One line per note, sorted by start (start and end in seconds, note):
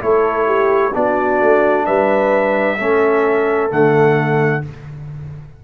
0.00 0.94 A3
0.00 0.92 E4
0.00 0.47 A4
0.00 0.95 C#5
0.47 0.93 G4
0.94 1.42 B3
0.94 2.78 D4
0.94 1.87 F#4
0.94 1.86 D5
1.42 1.88 A3
1.86 2.80 G3
1.86 2.79 B4
1.86 3.71 E5
2.78 3.72 A3
2.78 3.70 C#4
2.78 4.63 A4
3.70 4.64 D3
3.70 4.62 A3
3.70 4.64 F#5